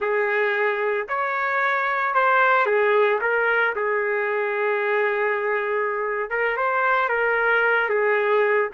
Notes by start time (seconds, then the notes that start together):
0.00 G#4
1.08 C#5
2.14 C5
2.65 G#4
3.21 A#4
3.75 G#4
6.29 A#4
6.56 C5
7.09 A#4
7.89 G#4